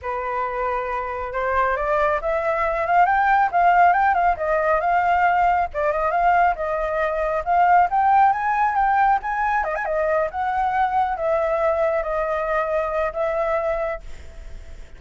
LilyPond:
\new Staff \with { instrumentName = "flute" } { \time 4/4 \tempo 4 = 137 b'2. c''4 | d''4 e''4. f''8 g''4 | f''4 g''8 f''8 dis''4 f''4~ | f''4 d''8 dis''8 f''4 dis''4~ |
dis''4 f''4 g''4 gis''4 | g''4 gis''4 dis''16 gis''16 dis''4 fis''8~ | fis''4. e''2 dis''8~ | dis''2 e''2 | }